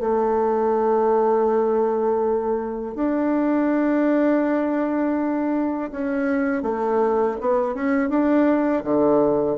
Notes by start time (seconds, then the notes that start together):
0.00 A3
2.95 D4
5.92 C#4
6.63 A3
7.41 B3
7.75 C#4
8.10 D4
8.84 D3